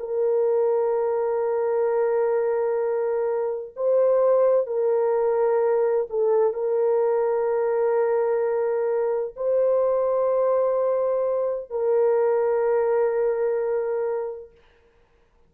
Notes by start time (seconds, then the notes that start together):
0.00 A#4
3.77 C5
4.67 A#4
6.10 A4
6.54 A#4
9.37 C5
11.71 A#4